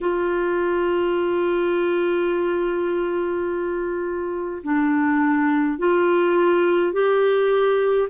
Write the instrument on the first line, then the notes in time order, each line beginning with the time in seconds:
clarinet
0.01 F4
4.63 D4
5.78 F4
6.92 G4